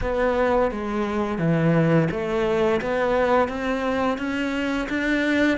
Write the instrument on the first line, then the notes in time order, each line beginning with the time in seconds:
cello
0.01 B3
0.71 G#3
1.38 E3
2.11 A3
2.81 B3
3.48 C4
4.18 C#4
4.89 D4